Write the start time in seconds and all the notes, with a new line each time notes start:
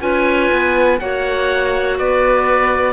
0.00 C#4 F4 B4 G#5
0.51 B3
1.00 A#3 F#4 C#5 F#5
1.98 B3 B4 D5